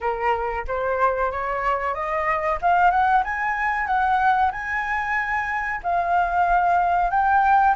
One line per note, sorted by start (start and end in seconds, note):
0.00 0.65 A#4
0.67 1.31 C5
1.31 1.94 C#5
1.94 2.58 D#5
2.61 2.90 F5
2.90 3.23 F#5
3.23 3.86 G#5
3.86 4.51 F#5
4.51 5.80 G#5
5.83 7.10 F5
7.10 7.74 G5